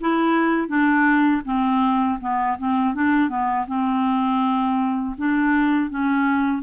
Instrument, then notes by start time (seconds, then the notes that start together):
clarinet
0.00 E4
0.68 D4
1.45 C4
2.20 B3
2.58 C4
2.94 D4
3.29 B3
3.67 C4
5.18 D4
5.90 C#4